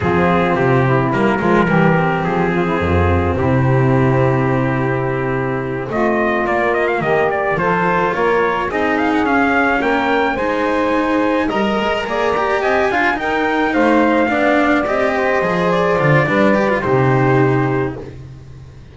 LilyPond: <<
  \new Staff \with { instrumentName = "trumpet" } { \time 4/4 \tempo 4 = 107 gis'4 g'4 ais'2 | gis'2 g'2~ | g'2~ g'8 dis''4 d''8 | dis''16 f''16 dis''8 d''8 c''4 cis''4 dis''8 |
f''16 fis''16 f''4 g''4 gis''4.~ | gis''8 ais''2 gis''4 g''8~ | g''8 f''2 dis''4. | d''2 c''2 | }
  \new Staff \with { instrumentName = "saxophone" } { \time 4/4 f'4. e'4 f'8 g'4~ | g'8 f'16 e'16 f'4 e'2~ | e'2~ e'8 f'4.~ | f'8 g'4 a'4 ais'4 gis'8~ |
gis'4. ais'4 c''4.~ | c''8 dis''4 d''4 dis''8 f''8 ais'8~ | ais'8 c''4 d''4. c''4~ | c''4 b'4 g'2 | }
  \new Staff \with { instrumentName = "cello" } { \time 4/4 c'2 ais8 gis8 g8 c'8~ | c'1~ | c'2.~ c'8 ais8~ | ais4. f'2 dis'8~ |
dis'8 cis'2 dis'4.~ | dis'8 ais'4 gis'8 g'4 f'8 dis'8~ | dis'4. d'4 g'4 gis'8~ | gis'8 f'8 d'8 g'16 f'16 dis'2 | }
  \new Staff \with { instrumentName = "double bass" } { \time 4/4 f4 c4 g8 f8 e4 | f4 f,4 c2~ | c2~ c8 a4 ais8~ | ais8 dis4 f4 ais4 c'8~ |
c'8 cis'4 ais4 gis4.~ | gis8 g8 gis8 ais4 c'8 d'8 dis'8~ | dis'8 a4 b4 c'4 f8~ | f8 d8 g4 c2 | }
>>